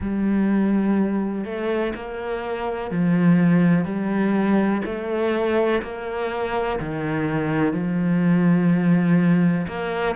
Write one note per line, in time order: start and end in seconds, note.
0.00 1.45 G3
1.45 1.93 A3
1.95 2.90 A#3
2.90 3.84 F3
3.84 4.81 G3
4.85 5.82 A3
5.82 6.79 A#3
6.79 7.73 D#3
7.73 9.66 F3
9.67 10.15 A#3